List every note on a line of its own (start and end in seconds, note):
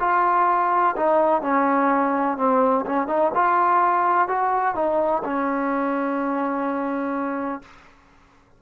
0.00 0.95 F4
0.96 1.42 D#4
1.42 2.37 C#4
2.37 2.85 C4
2.86 3.08 C#4
3.08 3.31 D#4
3.35 4.28 F4
4.28 4.75 F#4
4.75 5.23 D#4
5.24 7.62 C#4